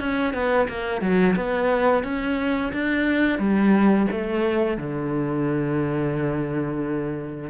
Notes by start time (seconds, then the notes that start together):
0.00 C#4
0.34 B3
0.69 A#3
1.02 F#3
1.36 B3
2.04 C#4
2.73 D4
3.39 G3
4.12 A3
4.78 D3